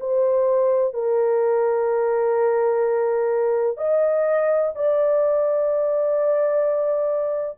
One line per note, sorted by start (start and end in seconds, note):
0.00 0.94 C5
0.94 3.77 A#4
3.77 4.72 D#5
4.75 7.58 D5